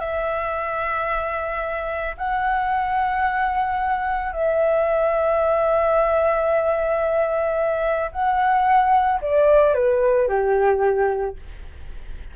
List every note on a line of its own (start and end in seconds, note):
0.00 2.16 E5
2.18 4.33 F#5
4.33 8.11 E5
8.12 9.20 F#5
9.22 9.75 D5
9.75 10.28 B4
10.28 11.36 G4